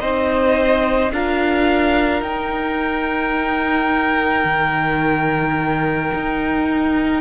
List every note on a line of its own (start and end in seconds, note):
0.00 1.12 C4
0.00 1.11 D#4
0.00 1.12 C5
0.00 1.12 D#5
1.12 2.22 D4
1.12 2.24 F4
1.12 7.21 A#4
1.12 2.23 F5
2.22 4.44 D#4
2.22 7.21 D#4
2.22 7.21 G5
4.45 6.12 D#3
6.14 7.21 D#4